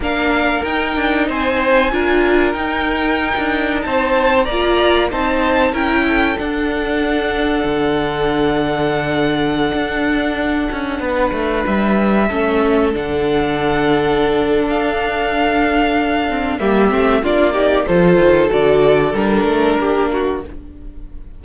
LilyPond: <<
  \new Staff \with { instrumentName = "violin" } { \time 4/4 \tempo 4 = 94 f''4 g''4 gis''2 | g''2 a''4 ais''4 | a''4 g''4 fis''2~ | fis''1~ |
fis''2~ fis''16 e''4.~ e''16~ | e''16 fis''2~ fis''8. f''4~ | f''2 e''4 d''4 | c''4 d''4 ais'2 | }
  \new Staff \with { instrumentName = "violin" } { \time 4/4 ais'2 c''4 ais'4~ | ais'2 c''4 d''4 | c''4 ais'8 a'2~ a'8~ | a'1~ |
a'4~ a'16 b'2 a'8.~ | a'1~ | a'2 g'4 f'8 g'8 | a'2. g'8 fis'8 | }
  \new Staff \with { instrumentName = "viola" } { \time 4/4 d'4 dis'2 f'4 | dis'2. f'4 | dis'4 e'4 d'2~ | d'1~ |
d'2.~ d'16 cis'8.~ | cis'16 d'2.~ d'8.~ | d'4. c'8 ais8 c'8 d'8 dis'8 | f'4 fis'4 d'2 | }
  \new Staff \with { instrumentName = "cello" } { \time 4/4 ais4 dis'8 d'8 c'4 d'4 | dis'4~ dis'16 d'8. c'4 ais4 | c'4 cis'4 d'2 | d2.~ d16 d'8.~ |
d'8. cis'8 b8 a8 g4 a8.~ | a16 d2~ d8. d'4~ | d'2 g8 a8 ais4 | f8 dis8 d4 g8 a8 ais4 | }
>>